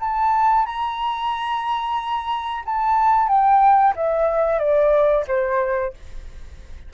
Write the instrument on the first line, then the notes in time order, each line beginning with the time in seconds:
flute
0.00 A5
0.66 A#5
2.65 A5
3.28 G5
3.96 E5
4.59 D5
5.27 C5